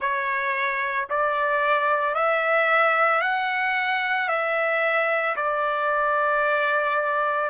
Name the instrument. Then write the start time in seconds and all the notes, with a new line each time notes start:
trumpet
0.00 C#5
1.10 D5
2.14 E5
3.21 F#5
4.28 E5
5.36 D5